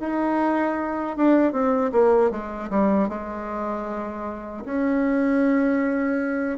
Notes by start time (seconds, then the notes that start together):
0.00 D#4
1.17 D4
1.52 C4
1.92 A#3
2.31 G#3
2.70 G3
3.09 G#3
4.65 C#4